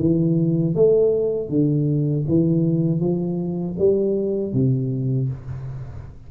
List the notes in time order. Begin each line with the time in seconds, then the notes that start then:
0.00 E3
0.75 A3
1.49 D3
2.29 E3
3.00 F3
3.79 G3
4.53 C3